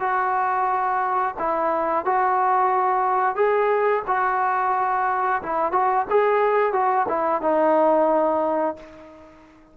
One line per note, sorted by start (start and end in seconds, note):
0.00 1.35 F#4
1.39 2.05 E4
2.05 3.35 F#4
3.35 4.03 G#4
4.07 5.42 F#4
5.42 5.72 E4
5.72 6.06 F#4
6.10 6.73 G#4
6.73 7.06 F#4
7.08 7.41 E4
7.41 8.76 D#4